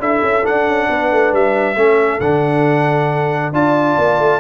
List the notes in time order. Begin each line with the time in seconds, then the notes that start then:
0.00 D4 E4 A4 E5
0.23 C#4
0.44 D4 F#5
0.67 C#4
0.90 B3 B4
1.12 A3
1.33 G3 E5
1.76 A3 C#4 A4
2.20 D3 D4 F#5
3.53 D4 F4 D5 A5
3.99 A#3
4.19 A3